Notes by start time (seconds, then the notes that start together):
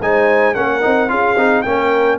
0.00 G#3 D#4 C5 G#5
0.54 A#3 C#4 A#4 F#5
0.81 C4 D#4
1.08 C#4 F4 G#4 F5
1.36 C4 D#4
1.62 A#3 C#4 A#4 G5